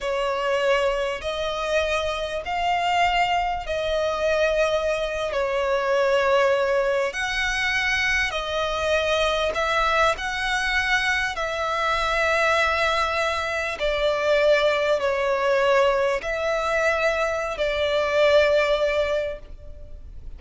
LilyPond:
\new Staff \with { instrumentName = "violin" } { \time 4/4 \tempo 4 = 99 cis''2 dis''2 | f''2 dis''2~ | dis''8. cis''2. fis''16~ | fis''4.~ fis''16 dis''2 e''16~ |
e''8. fis''2 e''4~ e''16~ | e''2~ e''8. d''4~ d''16~ | d''8. cis''2 e''4~ e''16~ | e''4 d''2. | }